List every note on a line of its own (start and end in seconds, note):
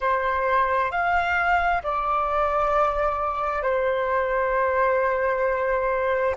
0.00 0.91 C5
0.91 1.82 F5
1.83 3.62 D5
3.62 6.35 C5